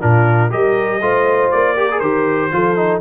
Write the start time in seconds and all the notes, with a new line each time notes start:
0.00 A#2 D4 F4 A#4
0.50 G3 G4 A#4 D#5
1.01 A3 F4 C5
1.51 A#3 D5
1.75 G4 A#4
1.92 G#4
2.00 D#3 G4 C5
2.52 F3 F4 A4
2.77 D#4